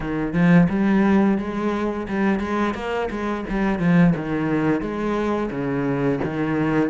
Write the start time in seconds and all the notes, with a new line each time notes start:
0.00 D#3
0.33 F3
0.69 G3
1.38 G#3
2.08 G3
2.39 G#3
2.74 A#3
3.10 G#3
3.49 G3
3.79 F3
4.16 D#3
4.81 G#3
5.50 C#3
6.24 D#3